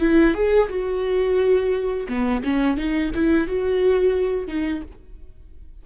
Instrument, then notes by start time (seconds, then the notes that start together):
viola
0.00 E4
0.34 G#4
0.69 F#4
2.08 B3
2.43 C#4
2.77 D#4
3.14 E4
3.47 F#4
4.47 D#4